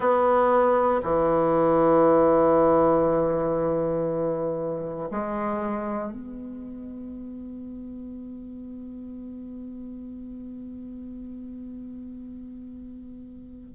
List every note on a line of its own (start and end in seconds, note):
0.00 1.00 B3
1.03 5.09 E3
5.10 6.12 G#3
6.12 13.74 B3